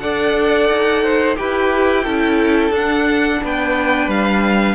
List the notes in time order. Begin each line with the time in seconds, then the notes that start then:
0.00 D4 A4 D5 F#5
0.69 D#4
1.03 C5
1.36 E4 G4 B4 G5
2.03 C#4 E4 A4
2.70 D4 F#5
3.43 B3 B4 G5
4.07 G3 F5